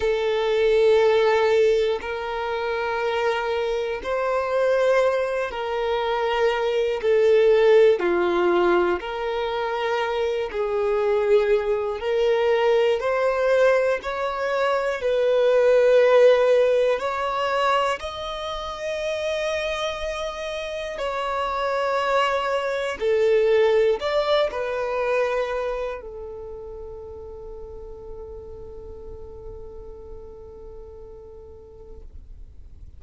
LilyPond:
\new Staff \with { instrumentName = "violin" } { \time 4/4 \tempo 4 = 60 a'2 ais'2 | c''4. ais'4. a'4 | f'4 ais'4. gis'4. | ais'4 c''4 cis''4 b'4~ |
b'4 cis''4 dis''2~ | dis''4 cis''2 a'4 | d''8 b'4. a'2~ | a'1 | }